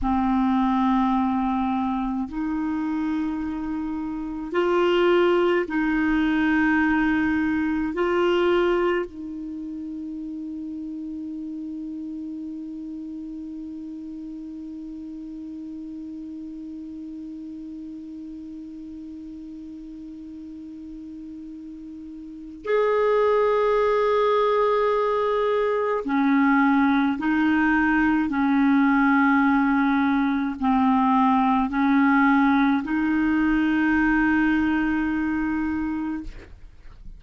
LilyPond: \new Staff \with { instrumentName = "clarinet" } { \time 4/4 \tempo 4 = 53 c'2 dis'2 | f'4 dis'2 f'4 | dis'1~ | dis'1~ |
dis'1 | gis'2. cis'4 | dis'4 cis'2 c'4 | cis'4 dis'2. | }